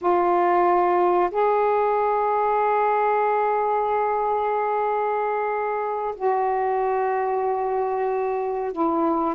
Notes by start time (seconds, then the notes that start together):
0.01 F4
1.30 G#4
6.15 F#4
8.72 E4